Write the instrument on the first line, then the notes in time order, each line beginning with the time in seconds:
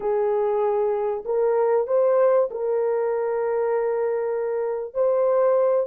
horn
0.00 G#4
1.25 A#4
1.87 C5
2.51 A#4
4.93 C5